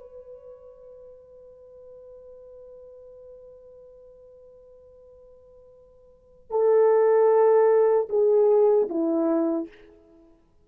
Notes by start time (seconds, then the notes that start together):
0.00 B4
6.51 A4
8.10 G#4
8.90 E4